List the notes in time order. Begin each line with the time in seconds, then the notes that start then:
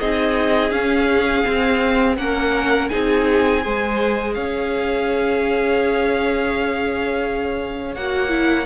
0.00 C4 D#4 G#4 D#5
0.71 C#4 F5
1.45 C4
2.18 A#3 C#4 A#4 F#5
2.89 C4 D#4 G#4 G#5
3.62 G#3 G#4 C5
4.34 C#4 C#5 F5
7.95 A#3 F#4 F#5
8.29 E4